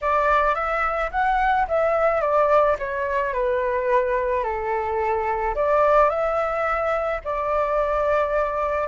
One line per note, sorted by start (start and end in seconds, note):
0.01 0.54 D5
0.54 1.10 E5
1.11 1.66 F#5
1.68 2.21 E5
2.21 2.76 D5
2.79 3.33 C#5
3.33 4.43 B4
4.43 5.54 A4
5.55 6.09 D5
6.09 7.20 E5
7.24 8.87 D5